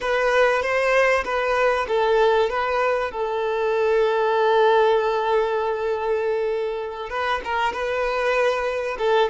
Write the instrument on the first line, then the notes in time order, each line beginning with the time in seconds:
violin
0.01 B4
0.62 C5
1.24 B4
1.88 A4
2.49 B4
3.11 A4
7.09 B4
7.44 A#4
7.73 B4
8.98 A4